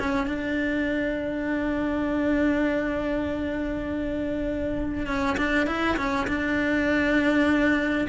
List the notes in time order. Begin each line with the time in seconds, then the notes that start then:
0.00 C#4
0.28 D4
5.07 C#4
5.38 D4
5.67 E4
5.97 C#4
6.28 D4